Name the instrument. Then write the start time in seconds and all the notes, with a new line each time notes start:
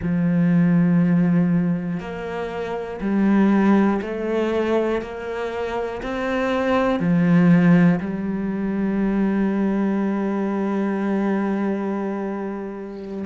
cello
0.02 F3
2.00 A#3
3.00 G3
4.01 A3
5.01 A#3
6.02 C4
7.00 F3
8.00 G3